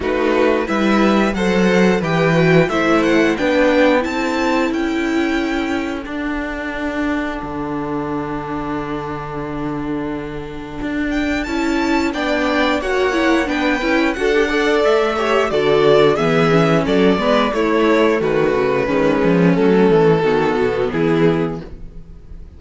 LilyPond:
<<
  \new Staff \with { instrumentName = "violin" } { \time 4/4 \tempo 4 = 89 b'4 e''4 fis''4 g''4 | e''8 fis''8 g''4 a''4 g''4~ | g''4 fis''2.~ | fis''1~ |
fis''8 g''8 a''4 g''4 fis''4 | g''4 fis''4 e''4 d''4 | e''4 d''4 cis''4 b'4~ | b'4 a'2 gis'4 | }
  \new Staff \with { instrumentName = "violin" } { \time 4/4 fis'4 b'4 c''4 b'4 | c''4 b'4 a'2~ | a'1~ | a'1~ |
a'2 d''4 cis''4 | b'4 a'8 d''4 cis''8 a'4 | gis'4 a'8 b'8 e'4 fis'4 | cis'2 fis'4 e'4 | }
  \new Staff \with { instrumentName = "viola" } { \time 4/4 dis'4 e'4 a'4 g'8 fis'8 | e'4 d'4 e'2~ | e'4 d'2.~ | d'1~ |
d'4 e'4 d'4 fis'8 e'8 | d'8 e'8 fis'16 g'16 a'4 g'8 fis'4 | b8 cis'4 b8 a2 | gis4 a4 b2 | }
  \new Staff \with { instrumentName = "cello" } { \time 4/4 a4 g4 fis4 e4 | a4 b4 c'4 cis'4~ | cis'4 d'2 d4~ | d1 |
d'4 cis'4 b4 ais4 | b8 cis'8 d'4 a4 d4 | e4 fis8 gis8 a4 dis8 cis8 | dis8 f8 fis8 e8 dis8 b,8 e4 | }
>>